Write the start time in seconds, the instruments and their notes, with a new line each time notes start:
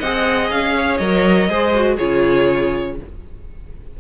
0.00 cello C4, viola G#4, violin D#5 F#5
0.51 cello C#4, violin F5
0.77 violin C#5
0.98 cello F#3, viola A#4, violin D#5
1.49 cello G#3, viola G#4, violin C5
1.75 viola F#4
1.96 cello C#3, viola F4, violin G#4 C#5